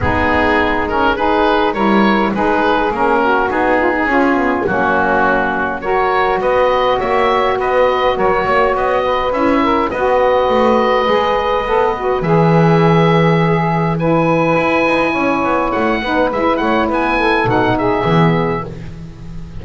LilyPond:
<<
  \new Staff \with { instrumentName = "oboe" } { \time 4/4 \tempo 4 = 103 gis'4. ais'8 b'4 cis''4 | b'4 ais'4 gis'2 | fis'2 cis''4 dis''4 | e''4 dis''4 cis''4 dis''4 |
e''4 dis''2.~ | dis''4 e''2. | gis''2. fis''4 | e''8 fis''8 gis''4 fis''8 e''4. | }
  \new Staff \with { instrumentName = "saxophone" } { \time 4/4 dis'2 gis'4 ais'4 | gis'4. fis'4 f'16 dis'16 f'4 | cis'2 ais'4 b'4 | cis''4 b'4 ais'8 cis''4 b'8~ |
b'8 ais'8 b'2.~ | b'2. gis'4 | b'2 cis''4. b'8~ | b'8 cis''8 b'8 a'4 gis'4. | }
  \new Staff \with { instrumentName = "saxophone" } { \time 4/4 b4. cis'8 dis'4 e'4 | dis'4 cis'4 dis'4 cis'8 b8 | ais2 fis'2~ | fis'1 |
e'4 fis'2 gis'4 | a'8 fis'8 gis'2. | e'2.~ e'8 dis'8 | e'2 dis'4 b4 | }
  \new Staff \with { instrumentName = "double bass" } { \time 4/4 gis2. g4 | gis4 ais4 b4 cis'4 | fis2. b4 | ais4 b4 fis8 ais8 b4 |
cis'4 b4 a4 gis4 | b4 e2.~ | e4 e'8 dis'8 cis'8 b8 a8 b8 | gis8 a8 b4 b,4 e4 | }
>>